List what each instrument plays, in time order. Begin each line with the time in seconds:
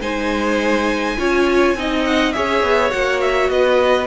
0.00 cello G#3, viola D#4, violin C5 G#5
1.18 cello C#4, viola F4, violin C#5
1.75 cello C4, viola D#4, violin D#5
2.05 violin F#5
2.32 cello C#4, viola G#4, violin C#5 E5
2.63 cello B3
2.90 cello A#3, viola F#4, violin F#5
3.21 violin E5
3.50 cello B3, violin B4 D#5